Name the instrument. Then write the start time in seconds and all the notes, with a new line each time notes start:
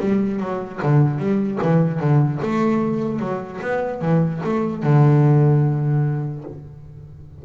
double bass
0.00 G3
0.40 F#3
0.83 D3
1.19 G3
1.62 E3
2.00 D3
2.42 A3
3.20 F#3
3.62 B3
4.01 E3
4.44 A3
4.83 D3